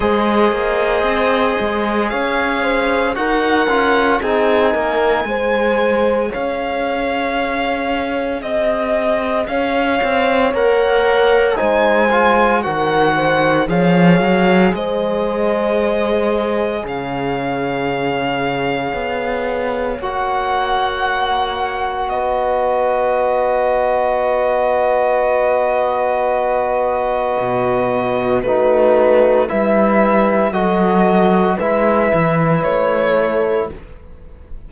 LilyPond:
<<
  \new Staff \with { instrumentName = "violin" } { \time 4/4 \tempo 4 = 57 dis''2 f''4 fis''4 | gis''2 f''2 | dis''4 f''4 fis''4 gis''4 | fis''4 f''4 dis''2 |
f''2. fis''4~ | fis''4 dis''2.~ | dis''2. b'4 | e''4 dis''4 e''4 cis''4 | }
  \new Staff \with { instrumentName = "horn" } { \time 4/4 c''2 cis''8 c''8 ais'4 | gis'8 ais'8 c''4 cis''2 | dis''4 cis''2 c''4 | ais'8 c''8 cis''4 c''2 |
cis''1~ | cis''4 b'2.~ | b'2. fis'4 | b'4 a'4 b'4. a'8 | }
  \new Staff \with { instrumentName = "trombone" } { \time 4/4 gis'2. fis'8 f'8 | dis'4 gis'2.~ | gis'2 ais'4 dis'8 f'8 | fis'4 gis'2.~ |
gis'2. fis'4~ | fis'1~ | fis'2. dis'4 | e'4 fis'4 e'2 | }
  \new Staff \with { instrumentName = "cello" } { \time 4/4 gis8 ais8 c'8 gis8 cis'4 dis'8 cis'8 | c'8 ais8 gis4 cis'2 | c'4 cis'8 c'8 ais4 gis4 | dis4 f8 fis8 gis2 |
cis2 b4 ais4~ | ais4 b2.~ | b2 b,4 a4 | g4 fis4 gis8 e8 a4 | }
>>